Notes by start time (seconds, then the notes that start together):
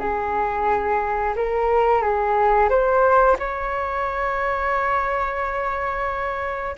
0.00 G#4
1.36 A#4
2.02 G#4
2.70 C5
3.39 C#5